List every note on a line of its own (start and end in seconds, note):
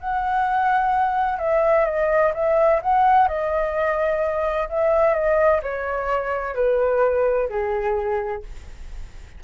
0.00 1.39 F#5
1.39 1.85 E5
1.85 2.32 D#5
2.34 2.81 E5
2.82 3.28 F#5
3.28 4.69 D#5
4.69 5.14 E5
5.14 5.61 D#5
5.62 6.55 C#5
6.55 7.49 B4
7.49 8.43 G#4